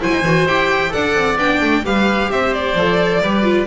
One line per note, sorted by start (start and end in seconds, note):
0.00 0.12 F#3
0.00 0.23 E4
0.00 0.92 C5
0.00 0.47 G#5
0.12 0.22 D#4
0.22 0.45 E3
0.22 0.47 F#4
0.46 0.92 E4
0.46 0.89 G4
0.46 0.92 G5
0.89 1.15 D4
0.89 1.35 A4
0.89 1.83 D5
0.89 1.38 F#5
1.15 1.37 C4
1.37 1.59 B3
1.37 1.84 D4
1.37 1.84 G5
1.61 1.84 A3
1.84 2.29 G3
1.84 2.75 G4
1.84 2.31 B4
1.84 2.31 F5
2.29 2.74 C4
2.29 3.22 C5
2.29 2.53 E5
2.53 3.66 D5
2.74 3.20 F3
2.74 3.22 A4
3.21 3.66 G3
3.21 3.43 G4
3.21 3.66 B4
3.43 3.66 F4